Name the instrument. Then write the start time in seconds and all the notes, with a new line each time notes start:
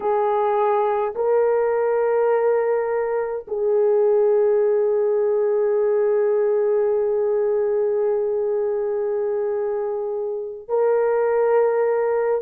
horn
0.00 G#4
1.15 A#4
3.47 G#4
10.68 A#4